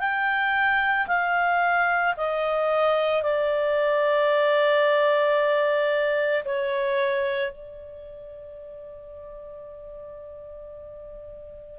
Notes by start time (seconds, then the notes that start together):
0.00 G5
1.08 F5
2.17 D#5
3.23 D5
6.45 C#5
7.52 D5